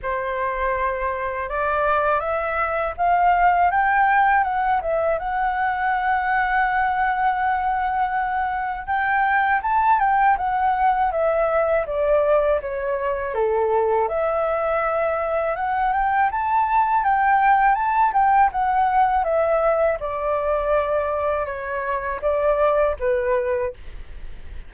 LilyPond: \new Staff \with { instrumentName = "flute" } { \time 4/4 \tempo 4 = 81 c''2 d''4 e''4 | f''4 g''4 fis''8 e''8 fis''4~ | fis''1 | g''4 a''8 g''8 fis''4 e''4 |
d''4 cis''4 a'4 e''4~ | e''4 fis''8 g''8 a''4 g''4 | a''8 g''8 fis''4 e''4 d''4~ | d''4 cis''4 d''4 b'4 | }